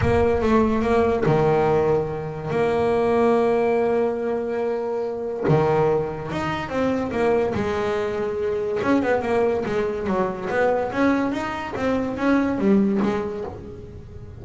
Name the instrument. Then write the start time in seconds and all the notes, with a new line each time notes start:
double bass
0.01 A#3
0.41 A3
0.82 A#3
1.25 D#3
2.50 A#3
5.48 D#3
6.31 D#4
6.69 C4
7.11 A#3
7.54 G#3
8.82 C#4
9.02 B3
9.22 A#3
9.65 G#3
10.07 F#3
10.49 B3
10.92 C#4
11.32 D#4
11.76 C4
12.17 C#4
12.58 G3
13.02 G#3